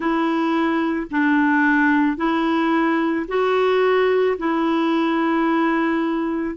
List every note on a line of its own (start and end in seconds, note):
0.00 1.06 E4
1.10 2.17 D4
2.17 3.26 E4
3.28 4.37 F#4
4.37 6.56 E4